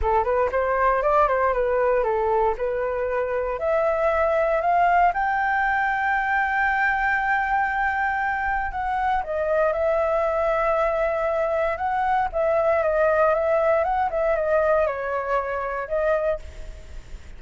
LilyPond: \new Staff \with { instrumentName = "flute" } { \time 4/4 \tempo 4 = 117 a'8 b'8 c''4 d''8 c''8 b'4 | a'4 b'2 e''4~ | e''4 f''4 g''2~ | g''1~ |
g''4 fis''4 dis''4 e''4~ | e''2. fis''4 | e''4 dis''4 e''4 fis''8 e''8 | dis''4 cis''2 dis''4 | }